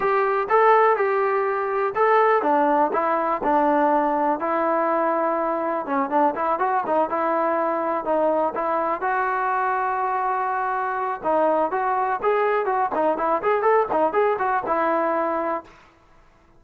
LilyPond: \new Staff \with { instrumentName = "trombone" } { \time 4/4 \tempo 4 = 123 g'4 a'4 g'2 | a'4 d'4 e'4 d'4~ | d'4 e'2. | cis'8 d'8 e'8 fis'8 dis'8 e'4.~ |
e'8 dis'4 e'4 fis'4.~ | fis'2. dis'4 | fis'4 gis'4 fis'8 dis'8 e'8 gis'8 | a'8 dis'8 gis'8 fis'8 e'2 | }